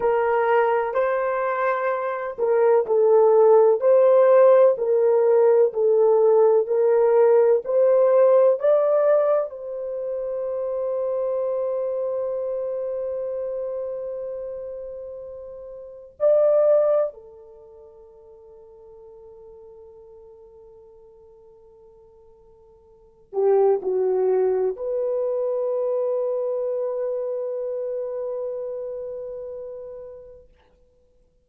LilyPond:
\new Staff \with { instrumentName = "horn" } { \time 4/4 \tempo 4 = 63 ais'4 c''4. ais'8 a'4 | c''4 ais'4 a'4 ais'4 | c''4 d''4 c''2~ | c''1~ |
c''4 d''4 a'2~ | a'1~ | a'8 g'8 fis'4 b'2~ | b'1 | }